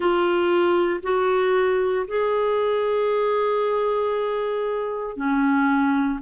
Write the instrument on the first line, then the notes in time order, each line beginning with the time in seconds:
clarinet
0.00 F4
1.03 F#4
2.07 G#4
5.16 C#4